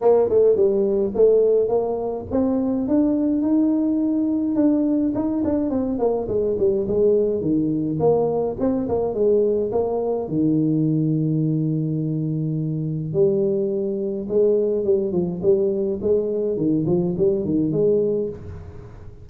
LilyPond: \new Staff \with { instrumentName = "tuba" } { \time 4/4 \tempo 4 = 105 ais8 a8 g4 a4 ais4 | c'4 d'4 dis'2 | d'4 dis'8 d'8 c'8 ais8 gis8 g8 | gis4 dis4 ais4 c'8 ais8 |
gis4 ais4 dis2~ | dis2. g4~ | g4 gis4 g8 f8 g4 | gis4 dis8 f8 g8 dis8 gis4 | }